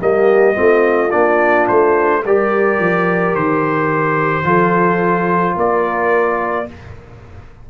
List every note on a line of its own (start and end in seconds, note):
0.00 0.57 G3
0.00 0.54 A#3
0.00 0.56 G4
0.00 1.11 D#5
0.54 1.13 A3
0.54 1.10 C4
0.54 2.22 F4
1.11 1.69 A#3
1.11 2.22 D4
1.11 1.67 D5
1.68 2.25 A3
1.68 2.24 C5
2.25 2.79 G3
2.25 4.44 G4
2.25 4.47 A#4
2.25 3.35 D5
2.79 3.35 F3
3.35 4.44 D#3
3.35 5.57 C5
4.44 5.56 F3
4.44 6.66 F4
4.44 5.56 A4
5.56 6.68 A#3
5.56 6.68 A#4
5.56 6.70 D5